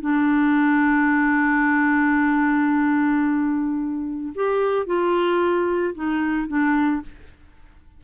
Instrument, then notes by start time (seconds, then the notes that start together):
clarinet
0.00 D4
4.35 G4
4.86 F4
5.94 D#4
6.47 D4